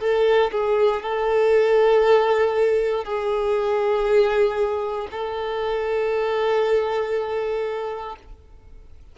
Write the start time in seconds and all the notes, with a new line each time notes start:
0.00 A4
0.52 G#4
1.03 A4
3.05 G#4
5.11 A4